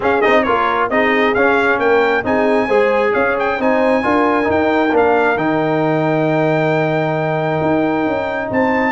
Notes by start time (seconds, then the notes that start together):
0.00 C#4 G#4 F5
0.21 C4 D#4 D#5
0.43 A#3 F4 A#4 C#5
0.90 C4 D#4 G#4 D#5
1.34 C#4 F5
1.78 A#3 A#4 G5
2.23 C4 D#4 G#4 G#5
2.66 G#3 G#4 C5
3.12 C#4 C#5 F5
3.39 G5
3.59 C4 D#4 C5 G#5
4.03 D4 F4 A#4
4.43 D#4
4.50 G5
4.92 A#3 D4 F5
5.36 D#3 D#4 G5
7.61 D#4
8.05 C#4
8.50 C4 C5 A5